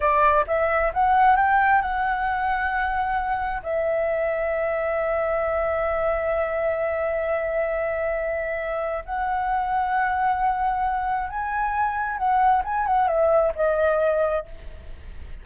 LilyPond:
\new Staff \with { instrumentName = "flute" } { \time 4/4 \tempo 4 = 133 d''4 e''4 fis''4 g''4 | fis''1 | e''1~ | e''1~ |
e''1 | fis''1~ | fis''4 gis''2 fis''4 | gis''8 fis''8 e''4 dis''2 | }